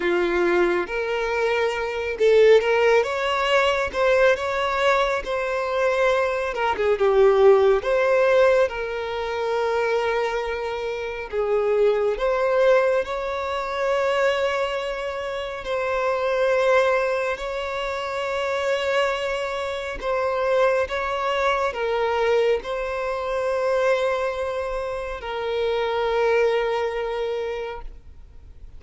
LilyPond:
\new Staff \with { instrumentName = "violin" } { \time 4/4 \tempo 4 = 69 f'4 ais'4. a'8 ais'8 cis''8~ | cis''8 c''8 cis''4 c''4. ais'16 gis'16 | g'4 c''4 ais'2~ | ais'4 gis'4 c''4 cis''4~ |
cis''2 c''2 | cis''2. c''4 | cis''4 ais'4 c''2~ | c''4 ais'2. | }